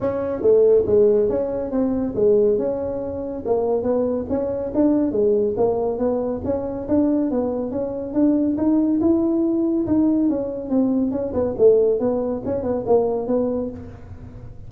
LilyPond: \new Staff \with { instrumentName = "tuba" } { \time 4/4 \tempo 4 = 140 cis'4 a4 gis4 cis'4 | c'4 gis4 cis'2 | ais4 b4 cis'4 d'4 | gis4 ais4 b4 cis'4 |
d'4 b4 cis'4 d'4 | dis'4 e'2 dis'4 | cis'4 c'4 cis'8 b8 a4 | b4 cis'8 b8 ais4 b4 | }